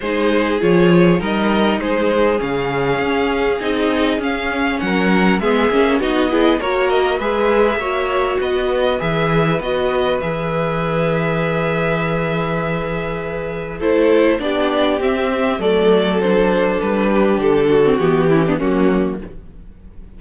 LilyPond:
<<
  \new Staff \with { instrumentName = "violin" } { \time 4/4 \tempo 4 = 100 c''4 cis''4 dis''4 c''4 | f''2 dis''4 f''4 | fis''4 e''4 dis''4 cis''8 dis''8 | e''2 dis''4 e''4 |
dis''4 e''2.~ | e''2. c''4 | d''4 e''4 d''4 c''4 | b'4 a'4 g'4 fis'4 | }
  \new Staff \with { instrumentName = "violin" } { \time 4/4 gis'2 ais'4 gis'4~ | gis'1 | ais'4 gis'4 fis'8 gis'8 ais'4 | b'4 cis''4 b'2~ |
b'1~ | b'2. a'4 | g'2 a'2~ | a'8 g'4 fis'4 e'16 d'16 cis'4 | }
  \new Staff \with { instrumentName = "viola" } { \time 4/4 dis'4 f'4 dis'2 | cis'2 dis'4 cis'4~ | cis'4 b8 cis'8 dis'8 e'8 fis'4 | gis'4 fis'2 gis'4 |
fis'4 gis'2.~ | gis'2. e'4 | d'4 c'4 a4 d'4~ | d'4.~ d'16 c'16 b8 cis'16 b16 ais4 | }
  \new Staff \with { instrumentName = "cello" } { \time 4/4 gis4 f4 g4 gis4 | cis4 cis'4 c'4 cis'4 | fis4 gis8 ais8 b4 ais4 | gis4 ais4 b4 e4 |
b4 e2.~ | e2. a4 | b4 c'4 fis2 | g4 d4 e4 fis4 | }
>>